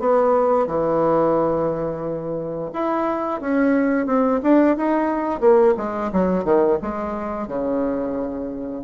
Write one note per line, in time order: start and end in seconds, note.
0.00 0.67 B3
0.67 2.72 E3
2.74 3.42 E4
3.42 4.07 C#4
4.07 4.41 C4
4.43 4.77 D4
4.78 5.41 D#4
5.41 5.75 A#3
5.78 6.12 G#3
6.13 6.45 F#3
6.45 6.79 D#3
6.83 7.48 G#3
7.48 8.84 C#3